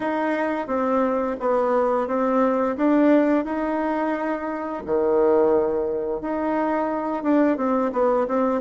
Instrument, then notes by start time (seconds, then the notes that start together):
bassoon
0.00 D#4
0.67 C4
1.40 B3
2.07 C4
2.76 D4
3.45 D#4
4.86 D#3
6.21 D#4
7.23 D4
7.57 C4
7.92 B3
8.27 C4